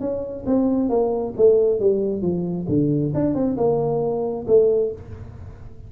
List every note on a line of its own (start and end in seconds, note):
0.00 0.44 C#4
0.46 0.89 C4
0.89 1.34 A#3
1.37 1.80 A3
1.80 2.21 G3
2.21 2.66 F3
2.68 3.12 D3
3.14 3.34 D4
3.34 3.56 C4
3.57 4.46 A#3
4.47 4.92 A3